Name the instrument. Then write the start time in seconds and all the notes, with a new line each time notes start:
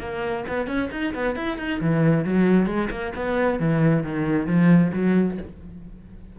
cello
0.00 A#3
0.48 B3
0.67 C#4
0.92 D#4
1.14 B3
1.36 E4
1.58 D#4
1.81 E3
2.25 F#3
2.66 G#3
2.91 A#3
3.16 B3
3.59 E3
4.04 D#3
4.47 F3
4.93 F#3